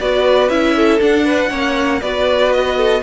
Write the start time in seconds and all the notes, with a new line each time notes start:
0.00 B3 F#4 B4 D5
0.49 C#4 E4 E5
0.76 A4
0.99 D4 F#5
1.25 B4
1.49 A#3 C#4 C#5
2.01 B3 F#4 B4 D5
2.52 D#5
2.76 A4